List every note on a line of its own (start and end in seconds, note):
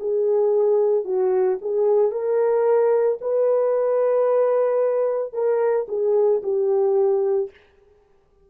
0.00 1.05 G#4
1.05 1.58 F#4
1.62 2.12 G#4
2.12 3.19 A#4
3.21 5.33 B4
5.33 5.87 A#4
5.88 6.42 G#4
6.43 7.50 G4